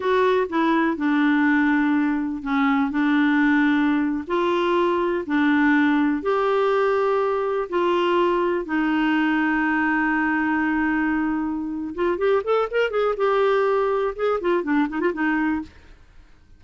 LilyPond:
\new Staff \with { instrumentName = "clarinet" } { \time 4/4 \tempo 4 = 123 fis'4 e'4 d'2~ | d'4 cis'4 d'2~ | d'8. f'2 d'4~ d'16~ | d'8. g'2. f'16~ |
f'4.~ f'16 dis'2~ dis'16~ | dis'1~ | dis'8 f'8 g'8 a'8 ais'8 gis'8 g'4~ | g'4 gis'8 f'8 d'8 dis'16 f'16 dis'4 | }